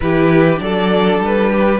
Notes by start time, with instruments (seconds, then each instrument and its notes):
0.00 cello E3, viola E4, violin G4 B4
0.56 cello F#3, viola D4, violin D5
0.62 violin A4
1.19 cello G3, violin B4
1.50 violin G4